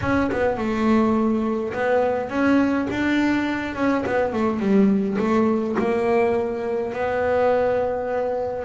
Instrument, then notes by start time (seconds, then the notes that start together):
double bass
0.01 C#4
0.31 B3
0.57 A3
1.73 B3
2.29 C#4
2.90 D4
3.75 C#4
4.06 B3
4.32 A3
4.59 G3
5.18 A3
5.78 A#3
6.93 B3